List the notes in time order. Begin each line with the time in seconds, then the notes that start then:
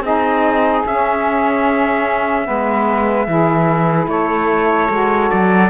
0.00 C4 D#4 G#4 D#5
0.85 C#4 E5
2.44 G#3 B3 B4
3.27 E3 E4 G#4
4.07 A3 A4 C#5
4.90 G#3 F#4
5.30 F#3 D5